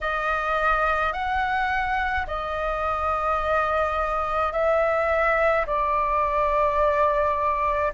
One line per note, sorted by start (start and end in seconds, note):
0.01 1.12 D#5
1.12 2.25 F#5
2.26 4.52 D#5
4.52 5.65 E5
5.66 7.92 D5